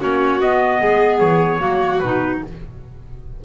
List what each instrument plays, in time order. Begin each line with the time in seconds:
0.00 double bass A#3, clarinet C#4, violin F#4, trumpet C#5
0.40 double bass B3, clarinet B3, trumpet D#5
0.81 double bass G#3, violin G#4
1.19 double bass E3, trumpet C#5
1.60 double bass F#3, clarinet A#3, violin F#4
1.99 double bass B2, clarinet D#4, trumpet B4